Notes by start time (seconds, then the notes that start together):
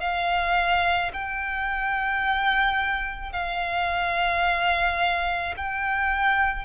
0.00 F5
1.14 G5
3.32 F5
5.57 G5